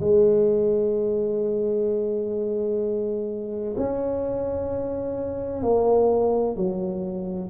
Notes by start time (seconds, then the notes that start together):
0.00 G#3
3.77 C#4
5.63 A#3
6.57 F#3